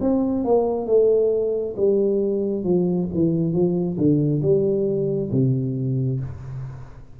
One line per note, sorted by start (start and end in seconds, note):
0.00 0.44 C4
0.44 0.86 A#3
0.86 1.74 A3
1.76 2.64 G3
2.64 3.08 F3
3.13 3.53 E3
3.53 3.97 F3
3.97 4.41 D3
4.42 5.30 G3
5.31 6.20 C3